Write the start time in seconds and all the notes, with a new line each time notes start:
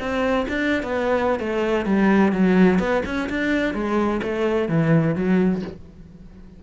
0.00 C4
0.49 D4
0.83 B3
1.40 A3
1.86 G3
2.32 F#3
2.79 B3
3.06 C#4
3.30 D4
3.74 G#3
4.23 A3
4.69 E3
5.16 F#3